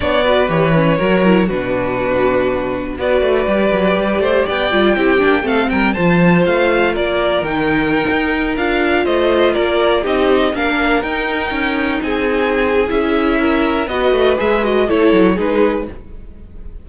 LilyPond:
<<
  \new Staff \with { instrumentName = "violin" } { \time 4/4 \tempo 4 = 121 d''4 cis''2 b'4~ | b'2 d''2~ | d''4 g''2 f''8 g''8 | a''4 f''4 d''4 g''4~ |
g''4~ g''16 f''4 dis''4 d''8.~ | d''16 dis''4 f''4 g''4.~ g''16~ | g''16 gis''4.~ gis''16 e''2 | dis''4 e''8 dis''8 cis''4 b'4 | }
  \new Staff \with { instrumentName = "violin" } { \time 4/4 cis''8 b'4. ais'4 fis'4~ | fis'2 b'2~ | b'8 c''8 d''4 g'4 a'8 ais'8 | c''2 ais'2~ |
ais'2~ ais'16 c''4 ais'8.~ | ais'16 g'4 ais'2~ ais'8.~ | ais'16 gis'2~ gis'8. ais'4 | b'2 a'4 gis'4 | }
  \new Staff \with { instrumentName = "viola" } { \time 4/4 d'8 fis'8 g'8 cis'8 fis'8 e'8 d'4~ | d'2 fis'4 g'4~ | g'4. f'8 e'8 d'8 c'4 | f'2. dis'4~ |
dis'4~ dis'16 f'2~ f'8.~ | f'16 dis'4 d'4 dis'4.~ dis'16~ | dis'2 e'2 | fis'4 gis'8 fis'8 e'4 dis'4 | }
  \new Staff \with { instrumentName = "cello" } { \time 4/4 b4 e4 fis4 b,4~ | b,2 b8 a8 g8 fis8 | g8 a8 b8 g8 c'8 ais8 a8 g8 | f4 a4 ais4 dis4~ |
dis16 dis'4 d'4 a4 ais8.~ | ais16 c'4 ais4 dis'4 cis'8.~ | cis'16 c'4.~ c'16 cis'2 | b8 a8 gis4 a8 fis8 gis4 | }
>>